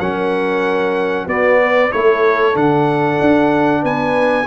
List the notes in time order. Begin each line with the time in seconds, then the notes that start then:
0.00 F#3 C#4 A#4 F#5
1.27 B3 F#4 D5
1.64 B4
1.91 A3 E4 A4 C#5
2.54 D3 D4 F#5
3.21 D4
3.82 B3 B4 G#5